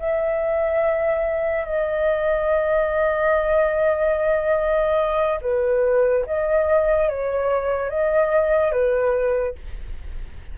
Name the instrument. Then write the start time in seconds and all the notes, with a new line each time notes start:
flute
0.00 E5
1.65 D#5
5.42 B4
6.27 D#5
7.09 C#5
7.90 D#5
8.72 B4